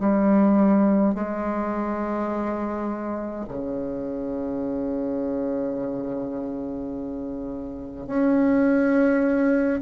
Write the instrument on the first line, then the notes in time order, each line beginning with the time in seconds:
bassoon
0.00 G3
1.15 G#3
3.49 C#3
8.07 C#4